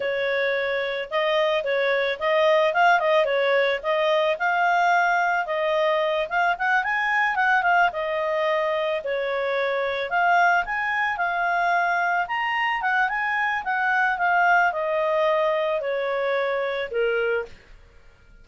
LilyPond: \new Staff \with { instrumentName = "clarinet" } { \time 4/4 \tempo 4 = 110 cis''2 dis''4 cis''4 | dis''4 f''8 dis''8 cis''4 dis''4 | f''2 dis''4. f''8 | fis''8 gis''4 fis''8 f''8 dis''4.~ |
dis''8 cis''2 f''4 gis''8~ | gis''8 f''2 ais''4 fis''8 | gis''4 fis''4 f''4 dis''4~ | dis''4 cis''2 ais'4 | }